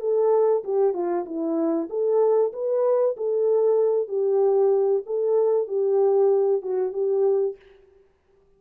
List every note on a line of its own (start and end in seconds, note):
0.00 0.63 A4
0.64 0.94 G4
0.94 1.25 F4
1.26 1.89 E4
1.89 2.53 A4
2.53 3.16 B4
3.17 4.08 A4
4.08 5.03 G4
5.06 5.68 A4
5.68 6.62 G4
6.62 6.93 F#4
6.93 7.56 G4